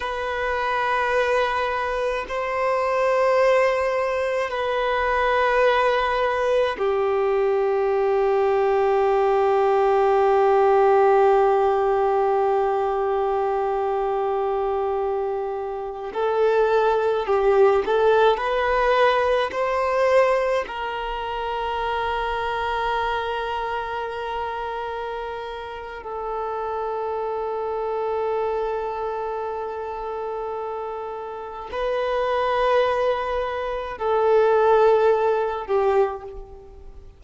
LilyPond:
\new Staff \with { instrumentName = "violin" } { \time 4/4 \tempo 4 = 53 b'2 c''2 | b'2 g'2~ | g'1~ | g'2~ g'16 a'4 g'8 a'16~ |
a'16 b'4 c''4 ais'4.~ ais'16~ | ais'2. a'4~ | a'1 | b'2 a'4. g'8 | }